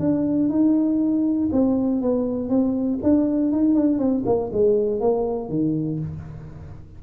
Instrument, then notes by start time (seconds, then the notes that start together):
tuba
0.00 D4
0.50 D#4
1.52 C4
2.02 B3
2.50 C4
3.03 D4
3.52 D#4
3.75 D4
3.99 C4
4.26 A#3
4.53 G#3
5.01 A#3
5.50 D#3